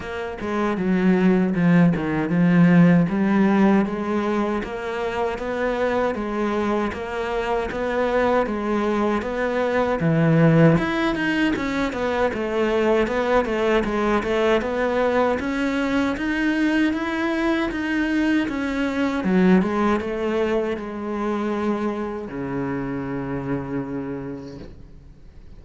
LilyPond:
\new Staff \with { instrumentName = "cello" } { \time 4/4 \tempo 4 = 78 ais8 gis8 fis4 f8 dis8 f4 | g4 gis4 ais4 b4 | gis4 ais4 b4 gis4 | b4 e4 e'8 dis'8 cis'8 b8 |
a4 b8 a8 gis8 a8 b4 | cis'4 dis'4 e'4 dis'4 | cis'4 fis8 gis8 a4 gis4~ | gis4 cis2. | }